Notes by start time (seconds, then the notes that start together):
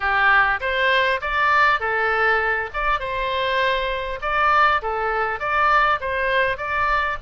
0.00 G4
0.60 C5
1.21 D5
1.80 A4
2.73 D5
2.99 C5
4.21 D5
4.82 A4
5.39 D5
6.00 C5
6.57 D5